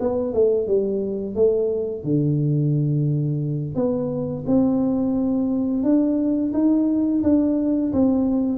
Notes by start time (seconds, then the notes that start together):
0.00 B3
0.34 A3
0.67 G3
1.35 A3
2.03 D3
3.75 B3
4.47 C4
5.83 D4
6.53 D#4
7.23 D4
7.93 C4